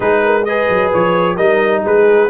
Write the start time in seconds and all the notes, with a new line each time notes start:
0.00 G#3 D#4 G#4 B4
0.24 A#4
0.44 G#4 B4 D#5
0.69 F#3
0.93 F3 C#5
1.35 G3 D#4 A#4 D#5
1.84 G#3 G#4 B4